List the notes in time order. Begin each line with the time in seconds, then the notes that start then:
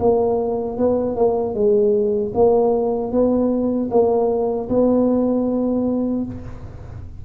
0.00 A#3
0.78 B3
1.17 A#3
1.55 G#3
2.34 A#3
3.12 B3
3.91 A#3
4.70 B3